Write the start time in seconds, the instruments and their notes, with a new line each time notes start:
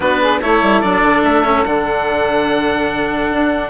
0.00 bassoon B3, cello D4, saxophone F#4, oboe B4
0.20 saxophone G#4
0.41 bassoon A3, cello E4, saxophone A4, oboe C#5
0.62 bassoon G3
0.80 bassoon F#3, cello D4, oboe D5
1.02 bassoon D3
1.22 bassoon A3, oboe E5
1.44 cello C#4
1.65 bassoon D3, cello D4, oboe F#5
3.31 bassoon D4